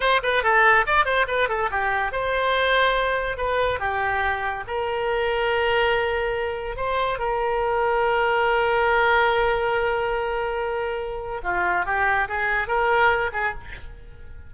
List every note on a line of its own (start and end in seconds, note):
0.00 0.21 C5
0.22 0.43 B4
0.43 0.85 A4
0.86 1.05 D5
1.05 1.26 C5
1.27 1.48 B4
1.48 1.69 A4
1.70 2.12 G4
2.12 3.37 C5
3.37 3.79 B4
3.79 4.64 G4
4.67 6.76 A#4
6.76 7.18 C5
7.18 11.41 A#4
11.43 11.85 F4
11.85 12.28 G4
12.28 12.67 G#4
12.67 13.30 A#4
13.32 13.53 G#4